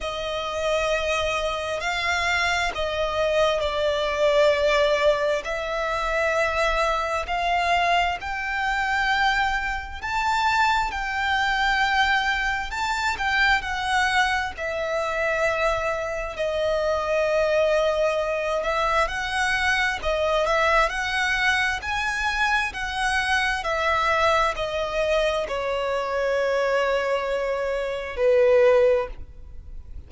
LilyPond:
\new Staff \with { instrumentName = "violin" } { \time 4/4 \tempo 4 = 66 dis''2 f''4 dis''4 | d''2 e''2 | f''4 g''2 a''4 | g''2 a''8 g''8 fis''4 |
e''2 dis''2~ | dis''8 e''8 fis''4 dis''8 e''8 fis''4 | gis''4 fis''4 e''4 dis''4 | cis''2. b'4 | }